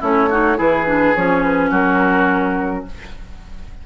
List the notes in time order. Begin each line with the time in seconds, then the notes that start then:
0.00 A3 C#4 E4 C#5
0.30 D#4 F#4
0.56 E3 E4 G#4 B4
0.86 D4
1.15 F3 C#4 C#5
1.43 B4
1.70 F#3 F#4 A#4